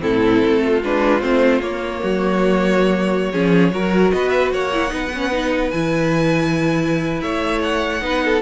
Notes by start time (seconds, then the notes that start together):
0.00 A2 C4 E4 A4
0.44 A3
0.63 F4
0.83 G#3 D4 B4
1.20 A3 C4 C5
1.61 A#3 C#5
2.02 F#3 F#4
3.32 F3 C#4 G#4
3.71 F#3 F#4 A#4
4.11 B3 B4 D#5
4.29 E5
4.52 A#3 C#5 F#5
4.73 E4
4.88 B3 D#4
4.94 B4
5.15 C#4
5.31 D#4
5.71 E3 E4 G#5
7.21 A3 C#5 E5
7.62 F#5
8.01 B3 D#4 B4
8.25 A4